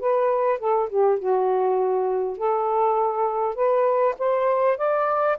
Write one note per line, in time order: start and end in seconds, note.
0.00 0.59 B4
0.59 0.89 A4
0.89 1.19 G4
1.19 2.38 F#4
2.38 3.55 A4
3.55 4.15 B4
4.19 4.78 C5
4.78 5.38 D5